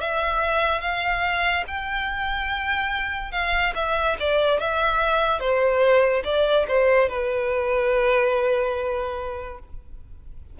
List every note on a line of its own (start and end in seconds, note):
0.00 0.81 E5
0.81 1.64 F5
1.67 3.32 G5
3.32 3.73 F5
3.75 4.17 E5
4.20 4.60 D5
4.60 5.39 E5
5.39 6.23 C5
6.24 6.66 D5
6.68 7.09 C5
7.09 9.59 B4